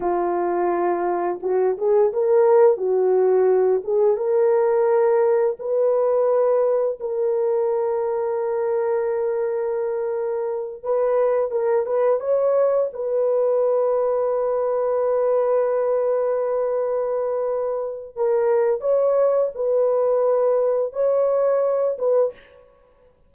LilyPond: \new Staff \with { instrumentName = "horn" } { \time 4/4 \tempo 4 = 86 f'2 fis'8 gis'8 ais'4 | fis'4. gis'8 ais'2 | b'2 ais'2~ | ais'2.~ ais'8 b'8~ |
b'8 ais'8 b'8 cis''4 b'4.~ | b'1~ | b'2 ais'4 cis''4 | b'2 cis''4. b'8 | }